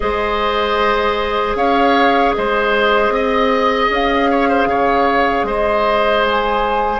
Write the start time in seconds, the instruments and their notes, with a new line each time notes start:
0.00 bassoon G#3, clarinet G#4, oboe C5, flute D#5
1.55 bassoon C#4, oboe C#5, flute F5
2.34 bassoon G#3, oboe C5, flute D#5
3.09 bassoon C4, oboe D#5
3.89 bassoon C#4, flute F5
4.30 oboe C#5
4.48 oboe C5
4.66 bassoon C#3, oboe C#5
5.43 bassoon G#3, oboe C5, flute D#5
6.26 flute G#5